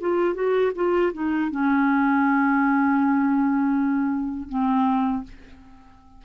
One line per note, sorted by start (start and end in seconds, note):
0.00 0.34 F4
0.34 0.71 F#4
0.75 1.12 F4
1.13 1.50 D#4
1.51 4.48 C#4
4.48 5.23 C4